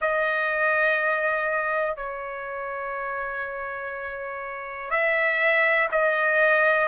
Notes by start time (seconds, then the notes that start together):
0.01 D#5
1.96 C#5
4.90 E5
5.92 D#5